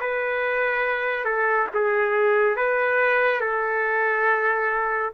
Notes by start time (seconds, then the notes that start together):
0.00 B4
1.25 A4
1.74 G#4
2.56 B4
3.41 A4